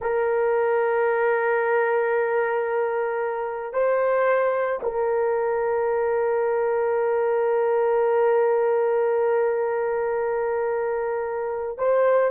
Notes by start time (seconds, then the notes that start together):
0.01 A#4
3.73 C5
4.82 A#4
11.78 C5